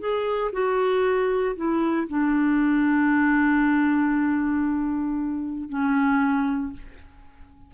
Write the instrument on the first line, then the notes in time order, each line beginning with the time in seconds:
clarinet
0.00 G#4
0.53 F#4
1.57 E4
2.09 D4
5.70 C#4